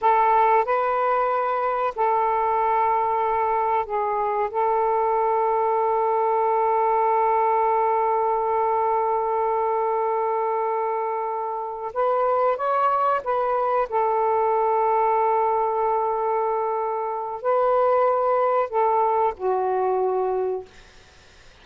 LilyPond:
\new Staff \with { instrumentName = "saxophone" } { \time 4/4 \tempo 4 = 93 a'4 b'2 a'4~ | a'2 gis'4 a'4~ | a'1~ | a'1~ |
a'2~ a'8 b'4 cis''8~ | cis''8 b'4 a'2~ a'8~ | a'2. b'4~ | b'4 a'4 fis'2 | }